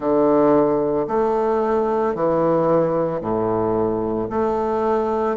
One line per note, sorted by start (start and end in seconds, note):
0.00 1.07 D3
1.07 2.14 A3
2.14 3.20 E3
3.20 4.28 A2
4.30 5.36 A3